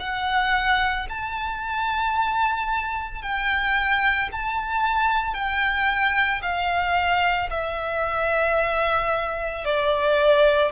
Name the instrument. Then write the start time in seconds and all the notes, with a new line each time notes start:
violin
0.00 F#5
1.09 A5
3.22 G5
4.32 A5
5.34 G5
6.42 F5
7.50 E5
9.65 D5